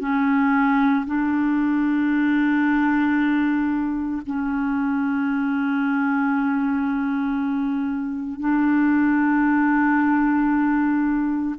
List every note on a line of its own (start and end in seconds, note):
0.00 1.05 C#4
1.06 4.22 D4
4.26 8.40 C#4
8.40 11.56 D4